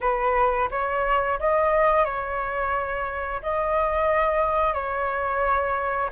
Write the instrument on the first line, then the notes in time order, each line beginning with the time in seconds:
flute
0.00 B4
0.71 C#5
1.39 D#5
2.05 C#5
3.42 D#5
4.73 C#5